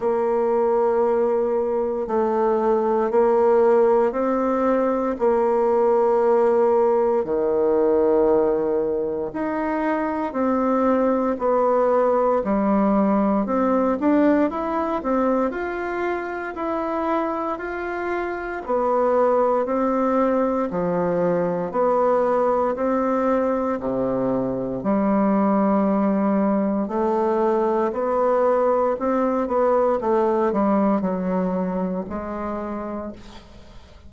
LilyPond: \new Staff \with { instrumentName = "bassoon" } { \time 4/4 \tempo 4 = 58 ais2 a4 ais4 | c'4 ais2 dis4~ | dis4 dis'4 c'4 b4 | g4 c'8 d'8 e'8 c'8 f'4 |
e'4 f'4 b4 c'4 | f4 b4 c'4 c4 | g2 a4 b4 | c'8 b8 a8 g8 fis4 gis4 | }